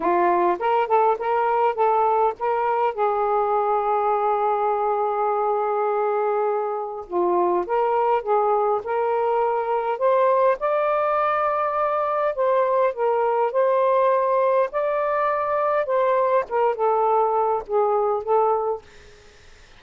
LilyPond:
\new Staff \with { instrumentName = "saxophone" } { \time 4/4 \tempo 4 = 102 f'4 ais'8 a'8 ais'4 a'4 | ais'4 gis'2.~ | gis'1 | f'4 ais'4 gis'4 ais'4~ |
ais'4 c''4 d''2~ | d''4 c''4 ais'4 c''4~ | c''4 d''2 c''4 | ais'8 a'4. gis'4 a'4 | }